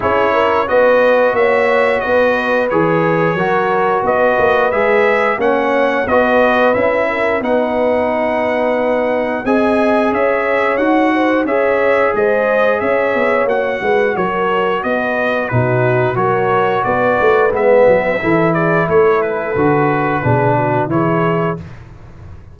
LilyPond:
<<
  \new Staff \with { instrumentName = "trumpet" } { \time 4/4 \tempo 4 = 89 cis''4 dis''4 e''4 dis''4 | cis''2 dis''4 e''4 | fis''4 dis''4 e''4 fis''4~ | fis''2 gis''4 e''4 |
fis''4 e''4 dis''4 e''4 | fis''4 cis''4 dis''4 b'4 | cis''4 d''4 e''4. d''8 | cis''8 b'2~ b'8 cis''4 | }
  \new Staff \with { instrumentName = "horn" } { \time 4/4 gis'8 ais'8 b'4 cis''4 b'4~ | b'4 ais'4 b'2 | cis''4 b'4. ais'8 b'4~ | b'2 dis''4 cis''4~ |
cis''8 c''8 cis''4 c''4 cis''4~ | cis''8 b'8 ais'4 b'4 fis'4 | ais'4 b'2 a'8 gis'8 | a'2 gis'8 fis'8 gis'4 | }
  \new Staff \with { instrumentName = "trombone" } { \time 4/4 e'4 fis'2. | gis'4 fis'2 gis'4 | cis'4 fis'4 e'4 dis'4~ | dis'2 gis'2 |
fis'4 gis'2. | fis'2. dis'4 | fis'2 b4 e'4~ | e'4 fis'4 d'4 e'4 | }
  \new Staff \with { instrumentName = "tuba" } { \time 4/4 cis'4 b4 ais4 b4 | e4 fis4 b8 ais8 gis4 | ais4 b4 cis'4 b4~ | b2 c'4 cis'4 |
dis'4 cis'4 gis4 cis'8 b8 | ais8 gis8 fis4 b4 b,4 | fis4 b8 a8 gis8 fis8 e4 | a4 d4 b,4 e4 | }
>>